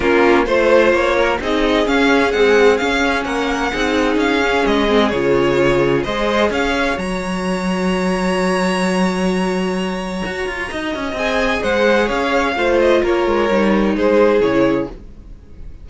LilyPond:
<<
  \new Staff \with { instrumentName = "violin" } { \time 4/4 \tempo 4 = 129 ais'4 c''4 cis''4 dis''4 | f''4 fis''4 f''4 fis''4~ | fis''4 f''4 dis''4 cis''4~ | cis''4 dis''4 f''4 ais''4~ |
ais''1~ | ais''1 | gis''4 fis''4 f''4. dis''8 | cis''2 c''4 cis''4 | }
  \new Staff \with { instrumentName = "violin" } { \time 4/4 f'4 c''4. ais'8 gis'4~ | gis'2. ais'4 | gis'1~ | gis'4 c''4 cis''2~ |
cis''1~ | cis''2. dis''4~ | dis''4 c''4 cis''4 c''4 | ais'2 gis'2 | }
  \new Staff \with { instrumentName = "viola" } { \time 4/4 cis'4 f'2 dis'4 | cis'4 gis4 cis'2 | dis'4. cis'4 c'8 f'4~ | f'4 gis'2 fis'4~ |
fis'1~ | fis'1 | gis'2. f'4~ | f'4 dis'2 e'4 | }
  \new Staff \with { instrumentName = "cello" } { \time 4/4 ais4 a4 ais4 c'4 | cis'4 c'4 cis'4 ais4 | c'4 cis'4 gis4 cis4~ | cis4 gis4 cis'4 fis4~ |
fis1~ | fis2 fis'8 f'8 dis'8 cis'8 | c'4 gis4 cis'4 a4 | ais8 gis8 g4 gis4 cis4 | }
>>